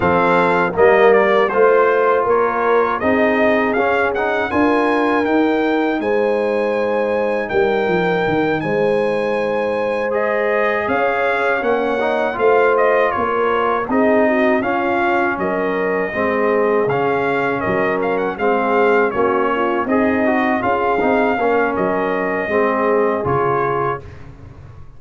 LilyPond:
<<
  \new Staff \with { instrumentName = "trumpet" } { \time 4/4 \tempo 4 = 80 f''4 dis''8 d''8 c''4 cis''4 | dis''4 f''8 fis''8 gis''4 g''4 | gis''2 g''4. gis''8~ | gis''4. dis''4 f''4 fis''8~ |
fis''8 f''8 dis''8 cis''4 dis''4 f''8~ | f''8 dis''2 f''4 dis''8 | f''16 fis''16 f''4 cis''4 dis''4 f''8~ | f''4 dis''2 cis''4 | }
  \new Staff \with { instrumentName = "horn" } { \time 4/4 a'4 ais'4 c''4 ais'4 | gis'2 ais'2 | c''2 ais'4. c''8~ | c''2~ c''8 cis''4.~ |
cis''8 c''4 ais'4 gis'8 fis'8 f'8~ | f'8 ais'4 gis'2 ais'8~ | ais'8 gis'4 fis'8 f'8 dis'4 gis'8~ | gis'8 ais'4. gis'2 | }
  \new Staff \with { instrumentName = "trombone" } { \time 4/4 c'4 ais4 f'2 | dis'4 cis'8 dis'8 f'4 dis'4~ | dis'1~ | dis'4. gis'2 cis'8 |
dis'8 f'2 dis'4 cis'8~ | cis'4. c'4 cis'4.~ | cis'8 c'4 cis'4 gis'8 fis'8 f'8 | dis'8 cis'4. c'4 f'4 | }
  \new Staff \with { instrumentName = "tuba" } { \time 4/4 f4 g4 a4 ais4 | c'4 cis'4 d'4 dis'4 | gis2 g8 f8 dis8 gis8~ | gis2~ gis8 cis'4 ais8~ |
ais8 a4 ais4 c'4 cis'8~ | cis'8 fis4 gis4 cis4 fis8~ | fis8 gis4 ais4 c'4 cis'8 | c'8 ais8 fis4 gis4 cis4 | }
>>